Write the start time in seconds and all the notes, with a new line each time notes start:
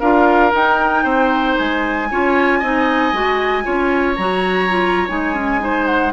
0.00 D4 F4 A#4 F5
0.51 D#4 G5
1.04 C4 C5
1.58 G#3 G#5
2.11 C#4 F4 C#5
2.59 C4 D#4 D#5
3.13 G#3 F#4
3.63 C#4 F4 C#5
4.16 F#3 F#4 A#5
4.69 F4
5.09 G#3 D#4 G#5
5.34 C#4
5.60 D#4 C5
5.86 F#5